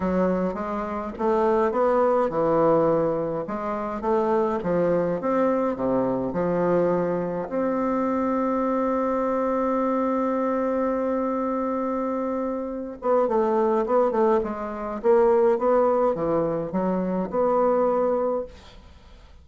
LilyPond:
\new Staff \with { instrumentName = "bassoon" } { \time 4/4 \tempo 4 = 104 fis4 gis4 a4 b4 | e2 gis4 a4 | f4 c'4 c4 f4~ | f4 c'2.~ |
c'1~ | c'2~ c'8 b8 a4 | b8 a8 gis4 ais4 b4 | e4 fis4 b2 | }